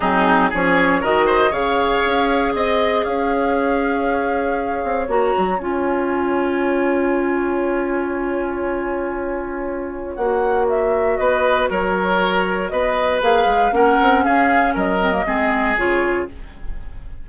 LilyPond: <<
  \new Staff \with { instrumentName = "flute" } { \time 4/4 \tempo 4 = 118 gis'4 cis''4 dis''4 f''4~ | f''4 dis''4 f''2~ | f''2 ais''4 gis''4~ | gis''1~ |
gis''1 | fis''4 e''4 dis''4 cis''4~ | cis''4 dis''4 f''4 fis''4 | f''4 dis''2 cis''4 | }
  \new Staff \with { instrumentName = "oboe" } { \time 4/4 dis'4 gis'4 ais'8 c''8 cis''4~ | cis''4 dis''4 cis''2~ | cis''1~ | cis''1~ |
cis''1~ | cis''2 b'4 ais'4~ | ais'4 b'2 ais'4 | gis'4 ais'4 gis'2 | }
  \new Staff \with { instrumentName = "clarinet" } { \time 4/4 c'4 cis'4 fis'4 gis'4~ | gis'1~ | gis'2 fis'4 f'4~ | f'1~ |
f'1 | fis'1~ | fis'2 gis'4 cis'4~ | cis'4. c'16 ais16 c'4 f'4 | }
  \new Staff \with { instrumentName = "bassoon" } { \time 4/4 fis4 f4 dis4 cis4 | cis'4 c'4 cis'2~ | cis'4. c'8 ais8 fis8 cis'4~ | cis'1~ |
cis'1 | ais2 b4 fis4~ | fis4 b4 ais8 gis8 ais8 c'8 | cis'4 fis4 gis4 cis4 | }
>>